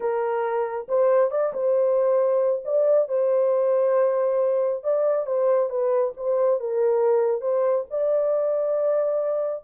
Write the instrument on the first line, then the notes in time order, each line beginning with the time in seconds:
horn
0.00 A#4
0.88 C5
1.31 D5
1.53 C5
2.65 D5
3.08 C5
4.83 D5
5.26 C5
5.69 B4
6.16 C5
6.60 A#4
7.41 C5
7.90 D5